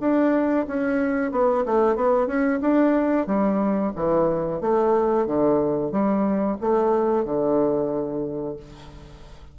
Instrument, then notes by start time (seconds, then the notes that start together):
bassoon
0.00 D4
0.67 C#4
1.32 B3
1.65 A3
1.95 B3
2.27 C#4
2.61 D4
3.27 G3
3.96 E3
4.61 A3
5.27 D3
5.91 G3
6.61 A3
7.25 D3